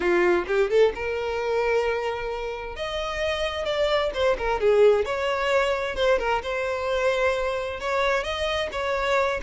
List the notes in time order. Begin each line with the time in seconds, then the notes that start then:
0.00 F4
0.47 G4
0.70 A4
0.95 A#4
2.76 D#5
3.65 D5
4.13 C5
4.37 A#4
4.60 G#4
5.05 C#5
5.95 C5
6.19 A#4
6.42 C5
7.79 C#5
8.23 D#5
8.71 C#5